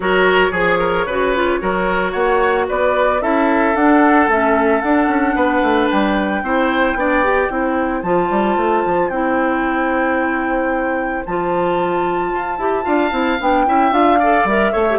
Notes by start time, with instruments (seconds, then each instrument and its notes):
0.00 bassoon F#3, clarinet F#4, oboe A#4, flute C#5
0.51 bassoon F3, oboe G#4, clarinet G#4
0.79 oboe A#4
1.05 bassoon C#3, clarinet F#4, oboe B4
1.35 clarinet F4
1.60 bassoon F#3, clarinet F#4, oboe A#4
2.11 bassoon A#3, oboe C#5, flute F#5
2.68 bassoon B3, oboe B4, flute D5
3.21 bassoon C#4, clarinet E4, oboe A4, flute E5
3.74 bassoon D4, clarinet D4, flute F#5
4.27 bassoon A3, clarinet C#4, flute E5
4.80 bassoon D4, clarinet D4, flute F#5
5.07 bassoon C#4
5.35 bassoon B3, oboe B4
5.62 bassoon A3
5.90 bassoon G3, flute G5
6.42 bassoon C4, clarinet E4, oboe C5
6.95 bassoon B3, clarinet D4, oboe D5
7.23 clarinet G4
7.50 bassoon C4, clarinet E4, oboe C5
8.02 bassoon F3, clarinet F4, flute A5
8.30 bassoon G3
8.56 bassoon A3
8.85 bassoon F3
9.09 bassoon C4, clarinet E4, flute G5
11.25 bassoon F3, clarinet F4, flute A5
12.32 bassoon F4
12.57 bassoon E4, clarinet G4
12.83 bassoon D4, clarinet F4, oboe F5
13.11 bassoon C4, clarinet E4
13.40 bassoon B3, clarinet D4, flute G5
13.66 bassoon C#4, clarinet E4, oboe E5
13.91 bassoon D4, clarinet F4, flute F5
14.19 clarinet A4, oboe D5
14.44 bassoon G3, clarinet A#4, flute E5
14.72 bassoon A3, clarinet A4, oboe C#5
14.90 clarinet G4